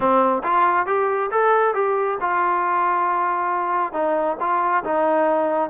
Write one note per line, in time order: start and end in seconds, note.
0.00 0.42 C4
0.43 0.86 F4
0.86 1.30 G4
1.31 1.74 A4
1.74 2.18 G4
2.21 3.93 F4
3.93 4.36 D#4
4.40 4.83 F4
4.84 5.70 D#4